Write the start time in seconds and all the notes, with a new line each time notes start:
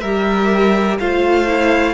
0.00 G3 G4 A#4 E5
0.99 A3 F4 C5 F5
1.47 E4